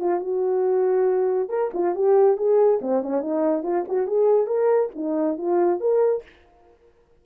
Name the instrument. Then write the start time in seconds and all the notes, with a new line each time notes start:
horn
0.00 F4
0.20 F#4
1.49 A#4
1.74 F4
1.95 G4
2.37 G#4
2.81 C4
3.03 C#4
3.21 D#4
3.63 F4
3.88 F#4
4.07 G#4
4.47 A#4
4.95 D#4
5.38 F4
5.80 A#4